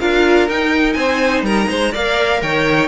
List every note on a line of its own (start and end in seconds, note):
0.00 0.49 D4
0.00 0.48 F4
0.00 0.96 A#4
0.00 0.49 F5
0.49 0.96 D#4
0.49 1.93 D#4
0.49 0.93 G5
0.93 1.42 C4
0.93 1.45 C5
0.93 1.41 G#5
1.42 1.66 G3
1.42 1.69 A#4
1.42 1.94 A#5
1.69 1.94 G#3
1.69 1.92 C5
1.92 2.42 A#3
1.92 2.88 A#4
1.92 2.40 D5
1.92 2.42 F5
2.42 2.88 D#3
2.42 2.88 C#5
2.42 2.88 G5